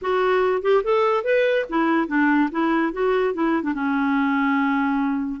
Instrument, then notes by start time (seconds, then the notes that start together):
clarinet
0.01 F#4
0.62 G4
0.83 A4
1.23 B4
1.69 E4
2.07 D4
2.51 E4
2.93 F#4
3.34 E4
3.62 D4
3.74 C#4